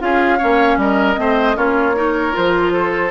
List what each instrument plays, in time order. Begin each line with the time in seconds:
0.00 bassoon C#4, clarinet F4, oboe G#4, flute F5
0.38 bassoon A#3, clarinet C#4, oboe C#5
0.77 bassoon G3, oboe A#4, flute D#5
1.16 bassoon A3, clarinet C4, oboe C5
1.55 bassoon A#3, clarinet C#4, oboe F4, flute C#5
1.96 clarinet D#4, oboe A#4
2.33 bassoon F3, clarinet F4, flute C5
2.73 oboe A4